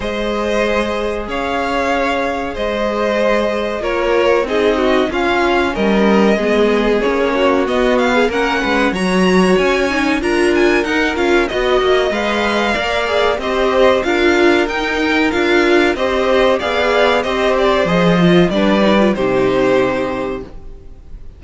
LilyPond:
<<
  \new Staff \with { instrumentName = "violin" } { \time 4/4 \tempo 4 = 94 dis''2 f''2 | dis''2 cis''4 dis''4 | f''4 dis''2 cis''4 | dis''8 f''8 fis''4 ais''4 gis''4 |
ais''8 gis''8 fis''8 f''8 dis''4 f''4~ | f''4 dis''4 f''4 g''4 | f''4 dis''4 f''4 dis''8 d''8 | dis''4 d''4 c''2 | }
  \new Staff \with { instrumentName = "violin" } { \time 4/4 c''2 cis''2 | c''2 ais'4 gis'8 fis'8 | f'4 ais'4 gis'4. fis'8~ | fis'8. gis'16 ais'8 b'8 cis''2 |
ais'2 dis''2 | d''4 c''4 ais'2~ | ais'4 c''4 d''4 c''4~ | c''4 b'4 g'2 | }
  \new Staff \with { instrumentName = "viola" } { \time 4/4 gis'1~ | gis'2 f'4 dis'4 | cis'2 b4 cis'4 | b4 cis'4 fis'4. dis'8 |
f'4 dis'8 f'8 fis'4 b'4 | ais'8 gis'8 g'4 f'4 dis'4 | f'4 g'4 gis'4 g'4 | gis'8 f'8 d'8 dis'16 f'16 dis'2 | }
  \new Staff \with { instrumentName = "cello" } { \time 4/4 gis2 cis'2 | gis2 ais4 c'4 | cis'4 g4 gis4 ais4 | b4 ais8 gis8 fis4 cis'4 |
d'4 dis'8 cis'8 b8 ais8 gis4 | ais4 c'4 d'4 dis'4 | d'4 c'4 b4 c'4 | f4 g4 c2 | }
>>